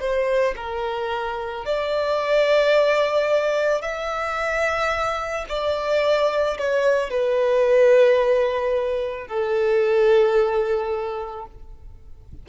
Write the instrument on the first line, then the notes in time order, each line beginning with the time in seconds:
violin
0.00 C5
0.57 A#4
1.66 D5
3.82 E5
5.49 D5
6.58 C#5
7.10 B4
9.28 A4